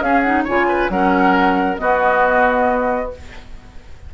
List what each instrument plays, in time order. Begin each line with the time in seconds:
0.00 bassoon C#4, clarinet C#4, oboe G#4, flute F5
0.21 clarinet D#4, flute F#5
0.44 bassoon C#3, clarinet F4, oboe C#5, flute G#5
0.69 oboe B4
0.90 bassoon F#3, clarinet C#4, oboe A#4, flute F#5
1.78 clarinet B3, bassoon B3, oboe F#4, flute D#5